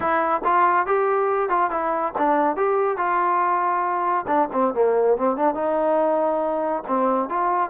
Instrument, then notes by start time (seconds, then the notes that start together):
trombone
0.00 E4
0.44 F4
0.86 G4
1.49 F4
1.70 E4
2.17 D4
2.56 G4
2.97 F4
4.27 D4
4.52 C4
4.74 A#3
5.17 C4
5.36 D4
5.54 D#4
6.87 C4
7.29 F4